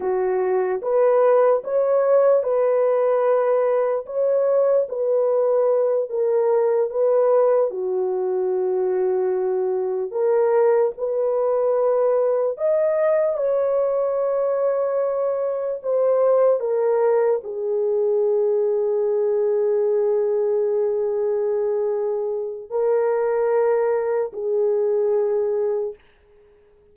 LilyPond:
\new Staff \with { instrumentName = "horn" } { \time 4/4 \tempo 4 = 74 fis'4 b'4 cis''4 b'4~ | b'4 cis''4 b'4. ais'8~ | ais'8 b'4 fis'2~ fis'8~ | fis'8 ais'4 b'2 dis''8~ |
dis''8 cis''2. c''8~ | c''8 ais'4 gis'2~ gis'8~ | gis'1 | ais'2 gis'2 | }